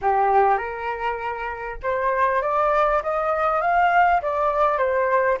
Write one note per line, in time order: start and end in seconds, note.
0.01 0.57 G4
0.57 1.77 A#4
1.82 2.42 C5
2.42 3.02 D5
3.02 3.61 D#5
3.61 4.21 F5
4.22 4.78 D5
4.78 5.38 C5